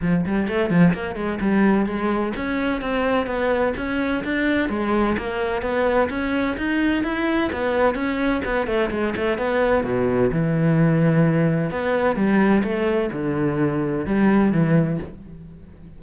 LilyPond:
\new Staff \with { instrumentName = "cello" } { \time 4/4 \tempo 4 = 128 f8 g8 a8 f8 ais8 gis8 g4 | gis4 cis'4 c'4 b4 | cis'4 d'4 gis4 ais4 | b4 cis'4 dis'4 e'4 |
b4 cis'4 b8 a8 gis8 a8 | b4 b,4 e2~ | e4 b4 g4 a4 | d2 g4 e4 | }